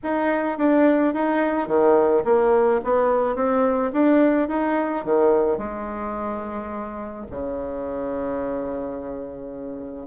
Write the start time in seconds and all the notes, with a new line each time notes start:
0.03 D#4
0.58 D4
1.14 D#4
1.67 D#3
2.24 A#3
2.83 B3
3.35 C4
3.93 D4
4.48 D#4
5.04 D#3
5.57 G#3
7.30 C#3